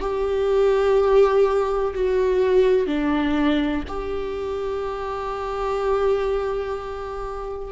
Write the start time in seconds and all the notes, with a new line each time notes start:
0.00 G4
1.94 F#4
2.86 D4
3.88 G4